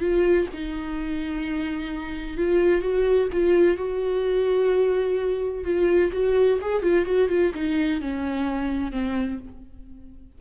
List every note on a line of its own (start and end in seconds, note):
0.00 0.47 F4
0.53 2.37 D#4
2.37 2.82 F4
2.82 3.29 F#4
3.32 3.77 F4
3.77 5.64 F#4
5.64 6.11 F4
6.12 6.59 F#4
6.61 6.82 G#4
6.82 7.05 F4
7.05 7.29 F#4
7.29 7.52 F4
7.54 8.01 D#4
8.01 8.92 C#4
8.92 9.39 C4